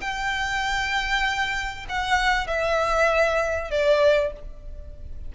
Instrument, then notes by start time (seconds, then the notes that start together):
violin
0.00 G5
1.89 F#5
2.47 E5
3.70 D5